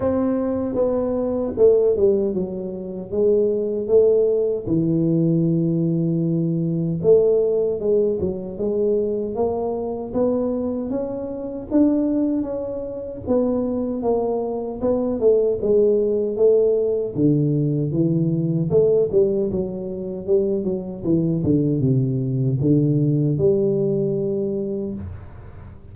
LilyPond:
\new Staff \with { instrumentName = "tuba" } { \time 4/4 \tempo 4 = 77 c'4 b4 a8 g8 fis4 | gis4 a4 e2~ | e4 a4 gis8 fis8 gis4 | ais4 b4 cis'4 d'4 |
cis'4 b4 ais4 b8 a8 | gis4 a4 d4 e4 | a8 g8 fis4 g8 fis8 e8 d8 | c4 d4 g2 | }